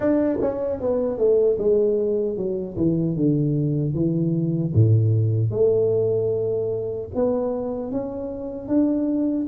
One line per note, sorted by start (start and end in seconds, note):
0.00 0.38 D4
0.41 0.80 C#4
0.80 1.18 B3
1.18 1.57 A3
1.58 2.36 G#3
2.36 2.76 F#3
2.76 3.16 E3
3.16 3.94 D3
3.94 4.73 E3
4.74 5.50 A2
5.50 7.08 A3
7.14 7.91 B3
7.91 8.67 C#4
8.67 9.46 D4